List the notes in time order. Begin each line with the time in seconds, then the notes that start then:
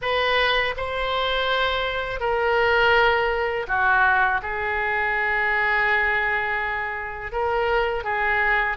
0.01 B4
0.76 C5
2.20 A#4
3.67 F#4
4.42 G#4
7.32 A#4
8.04 G#4